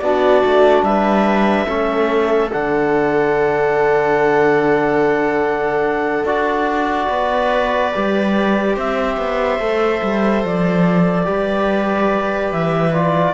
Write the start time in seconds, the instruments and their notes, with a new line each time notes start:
0.00 cello B3, trombone D4, viola F#4, clarinet D5
0.45 cello A3
0.82 cello G3, viola B4, clarinet E5
1.66 cello A3, trombone C#4, viola A4
2.52 cello D3, trombone D4, clarinet F#5
6.24 cello D4, trombone F#4, clarinet D5
7.09 cello B3, viola B4
7.95 cello G3, trombone G4
8.74 cello C4, viola C5, clarinet E5
9.17 cello B3
9.59 cello A3, trombone A4
10.02 cello G3
10.44 cello F3, clarinet D5
11.25 cello G3, trombone G4, viola B4
12.52 cello E3, clarinet E5
12.92 trombone F4, clarinet D5